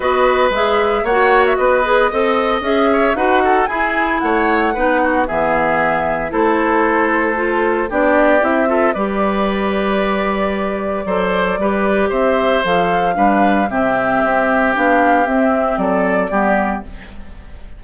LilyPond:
<<
  \new Staff \with { instrumentName = "flute" } { \time 4/4 \tempo 4 = 114 dis''4 e''4 fis''8. e''16 dis''4~ | dis''4 e''4 fis''4 gis''4 | fis''2 e''2 | c''2. d''4 |
e''4 d''2.~ | d''2. e''4 | f''2 e''2 | f''4 e''4 d''2 | }
  \new Staff \with { instrumentName = "oboe" } { \time 4/4 b'2 cis''4 b'4 | dis''4. cis''8 b'8 a'8 gis'4 | cis''4 b'8 fis'8 gis'2 | a'2. g'4~ |
g'8 a'8 b'2.~ | b'4 c''4 b'4 c''4~ | c''4 b'4 g'2~ | g'2 a'4 g'4 | }
  \new Staff \with { instrumentName = "clarinet" } { \time 4/4 fis'4 gis'4 fis'4. gis'8 | a'4 gis'4 fis'4 e'4~ | e'4 dis'4 b2 | e'2 f'4 d'4 |
e'8 f'8 g'2.~ | g'4 a'4 g'2 | a'4 d'4 c'2 | d'4 c'2 b4 | }
  \new Staff \with { instrumentName = "bassoon" } { \time 4/4 b4 gis4 ais4 b4 | c'4 cis'4 dis'4 e'4 | a4 b4 e2 | a2. b4 |
c'4 g2.~ | g4 fis4 g4 c'4 | f4 g4 c4 c'4 | b4 c'4 fis4 g4 | }
>>